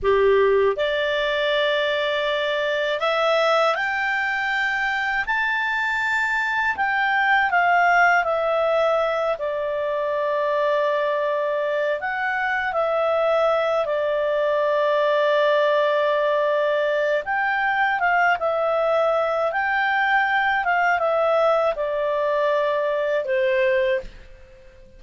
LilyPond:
\new Staff \with { instrumentName = "clarinet" } { \time 4/4 \tempo 4 = 80 g'4 d''2. | e''4 g''2 a''4~ | a''4 g''4 f''4 e''4~ | e''8 d''2.~ d''8 |
fis''4 e''4. d''4.~ | d''2. g''4 | f''8 e''4. g''4. f''8 | e''4 d''2 c''4 | }